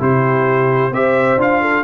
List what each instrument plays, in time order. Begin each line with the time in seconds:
0.00 tuba C3, trombone E4, horn G4, trumpet C5
0.91 tuba C4, trombone G4, horn C5, trumpet E5
1.38 tuba D4, trombone F4, trumpet F5
1.61 horn A4